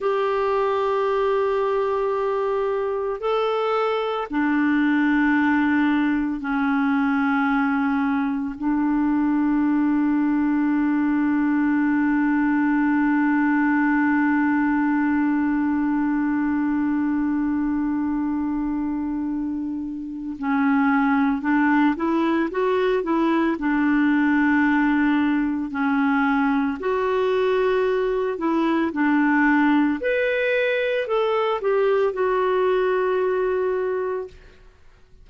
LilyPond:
\new Staff \with { instrumentName = "clarinet" } { \time 4/4 \tempo 4 = 56 g'2. a'4 | d'2 cis'2 | d'1~ | d'1~ |
d'2. cis'4 | d'8 e'8 fis'8 e'8 d'2 | cis'4 fis'4. e'8 d'4 | b'4 a'8 g'8 fis'2 | }